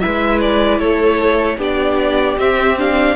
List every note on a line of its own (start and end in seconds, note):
0.00 0.80 G#3
0.00 1.59 E4
0.00 0.80 B4
0.00 0.39 E5
0.41 0.79 D5
0.79 1.58 A3
0.79 1.58 A4
0.79 1.58 C#5
1.58 2.37 B3
1.58 2.37 D4
1.58 3.16 G4
1.58 2.39 D5
2.38 3.16 C4
2.38 2.78 C4
2.38 2.78 E5
2.78 3.16 D4
2.78 3.16 F5